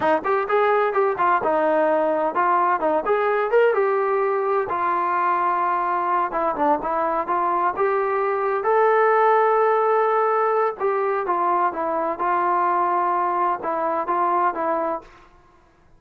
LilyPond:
\new Staff \with { instrumentName = "trombone" } { \time 4/4 \tempo 4 = 128 dis'8 g'8 gis'4 g'8 f'8 dis'4~ | dis'4 f'4 dis'8 gis'4 ais'8 | g'2 f'2~ | f'4. e'8 d'8 e'4 f'8~ |
f'8 g'2 a'4.~ | a'2. g'4 | f'4 e'4 f'2~ | f'4 e'4 f'4 e'4 | }